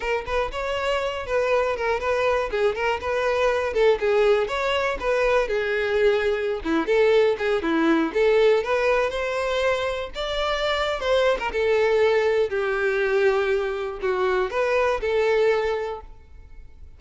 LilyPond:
\new Staff \with { instrumentName = "violin" } { \time 4/4 \tempo 4 = 120 ais'8 b'8 cis''4. b'4 ais'8 | b'4 gis'8 ais'8 b'4. a'8 | gis'4 cis''4 b'4 gis'4~ | gis'4~ gis'16 e'8 a'4 gis'8 e'8.~ |
e'16 a'4 b'4 c''4.~ c''16~ | c''16 d''4.~ d''16 c''8. ais'16 a'4~ | a'4 g'2. | fis'4 b'4 a'2 | }